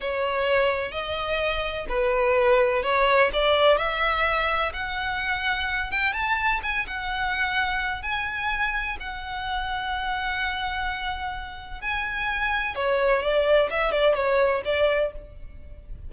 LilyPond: \new Staff \with { instrumentName = "violin" } { \time 4/4 \tempo 4 = 127 cis''2 dis''2 | b'2 cis''4 d''4 | e''2 fis''2~ | fis''8 g''8 a''4 gis''8 fis''4.~ |
fis''4 gis''2 fis''4~ | fis''1~ | fis''4 gis''2 cis''4 | d''4 e''8 d''8 cis''4 d''4 | }